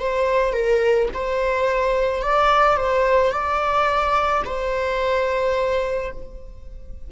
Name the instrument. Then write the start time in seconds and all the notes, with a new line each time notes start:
viola
0.00 C5
0.53 A#4
1.14 C5
2.22 D5
2.77 C5
3.32 D5
4.45 C5